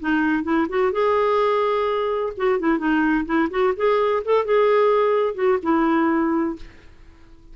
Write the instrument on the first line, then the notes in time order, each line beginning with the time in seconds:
clarinet
0.00 D#4
0.44 E4
0.69 F#4
0.92 G#4
2.37 F#4
2.60 E4
2.78 D#4
3.26 E4
3.50 F#4
3.76 G#4
4.25 A4
4.45 G#4
5.35 F#4
5.63 E4